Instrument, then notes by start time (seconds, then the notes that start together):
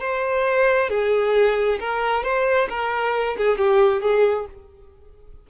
violin
0.00 C5
0.89 G#4
1.79 A#4
2.23 C5
2.69 A#4
3.37 G#4
3.58 G4
4.01 G#4